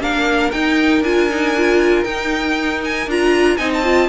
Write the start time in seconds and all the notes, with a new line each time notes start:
0.00 A#3 D4 A#4 F5
0.51 D#4 G5
1.01 D4 F4 G#5
1.30 D#4
1.57 F4
2.04 D#4 G5
2.84 G#5
3.07 D4 F4 A#5
3.57 C4 D#4 D#5 G#5
3.73 A5
3.83 F4